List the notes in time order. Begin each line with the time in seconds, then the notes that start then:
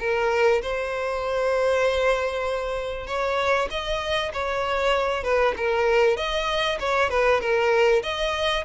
0.00 A#4
0.62 C5
3.07 C#5
3.71 D#5
4.34 C#5
5.24 B4
5.57 A#4
6.17 D#5
6.80 C#5
7.10 B4
7.41 A#4
8.03 D#5